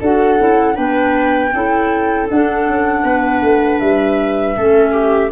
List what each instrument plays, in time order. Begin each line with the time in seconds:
0.00 tuba D4, clarinet F#4, viola A4, flute F#5
0.38 tuba C#4, clarinet E4
0.74 tuba B3, clarinet D4, viola B4, flute G5
1.53 tuba C#4, clarinet E4, viola A4
2.29 clarinet D4, tuba D4, flute F#5
2.67 tuba C#4
3.03 tuba B3, viola B4
3.42 tuba A3
3.79 tuba G3, flute E5
4.56 tuba A3, clarinet C#4, viola A4
4.92 viola G4